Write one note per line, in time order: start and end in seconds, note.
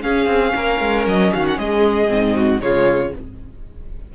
0.00 2.07 C#4
0.00 0.26 C#4
0.00 0.54 G#4
0.00 1.05 F5
0.26 0.52 C4
0.55 0.80 A#3
0.55 1.32 A#4
0.80 1.06 G#3
1.06 1.32 F#3
1.06 1.33 D#5
1.32 1.58 D#3
1.32 1.58 F#4
1.32 1.46 F5
1.48 1.58 F#5
1.58 2.10 G#3
1.58 2.35 G#4
1.58 2.61 D#5
2.08 2.60 G#2
2.08 2.60 C4
2.35 2.61 F#4
2.60 3.12 C#3
2.60 3.13 G#3
2.60 3.15 F4
2.60 3.13 C#5